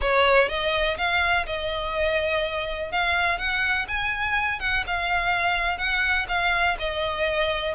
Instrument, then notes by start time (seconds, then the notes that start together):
violin
0.01 C#5
0.48 D#5
0.97 F5
1.46 D#5
2.91 F5
3.38 F#5
3.88 G#5
4.59 F#5
4.87 F5
5.78 F#5
6.28 F5
6.79 D#5